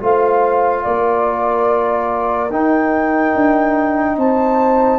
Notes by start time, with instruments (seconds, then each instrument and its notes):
0.00 tuba A3, trombone F4, horn C5, flute F5
0.84 tuba A#3, horn A#4, flute D5
2.51 tuba D#4, trombone D#4, flute G5
3.35 tuba D4
4.18 tuba C4, horn C5, flute A5